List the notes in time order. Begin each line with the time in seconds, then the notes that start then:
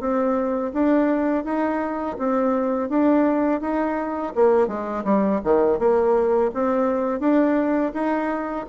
0.00 C4
0.73 D4
1.45 D#4
2.19 C4
2.89 D4
3.61 D#4
4.36 A#3
4.68 G#3
5.05 G3
5.44 D#3
5.79 A#3
6.54 C4
7.20 D4
7.94 D#4